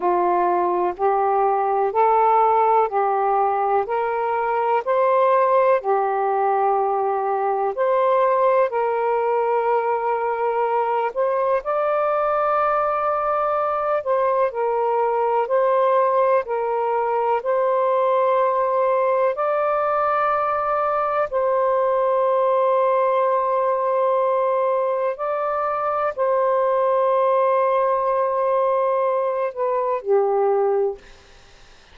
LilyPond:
\new Staff \with { instrumentName = "saxophone" } { \time 4/4 \tempo 4 = 62 f'4 g'4 a'4 g'4 | ais'4 c''4 g'2 | c''4 ais'2~ ais'8 c''8 | d''2~ d''8 c''8 ais'4 |
c''4 ais'4 c''2 | d''2 c''2~ | c''2 d''4 c''4~ | c''2~ c''8 b'8 g'4 | }